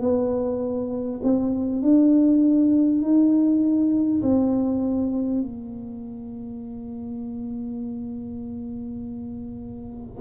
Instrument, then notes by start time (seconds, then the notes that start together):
tuba
0.00 B3
1.23 C4
1.82 D4
3.01 D#4
4.22 C4
5.42 A#3